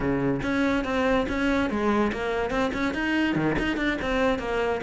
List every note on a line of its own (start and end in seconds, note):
0.00 0.41 C#3
0.42 0.84 C#4
0.84 1.26 C4
1.29 1.69 C#4
1.69 2.11 G#3
2.12 2.50 A#3
2.50 2.71 C4
2.73 2.94 C#4
2.94 3.35 D#4
3.35 3.56 D#3
3.59 3.76 D#4
3.76 3.97 D4
4.01 4.38 C4
4.38 4.80 A#3